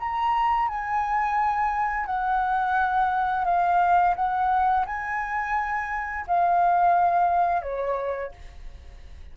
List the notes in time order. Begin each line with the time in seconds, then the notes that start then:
0.00 A#5
0.69 G#5
2.06 F#5
3.45 F5
4.16 F#5
4.86 G#5
6.28 F5
7.62 C#5